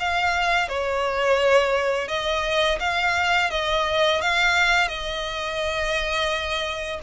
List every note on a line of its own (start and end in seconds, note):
0.00 0.69 F5
0.69 2.08 C#5
2.08 2.79 D#5
2.80 3.50 F5
3.51 4.21 D#5
4.21 4.88 F5
4.88 7.00 D#5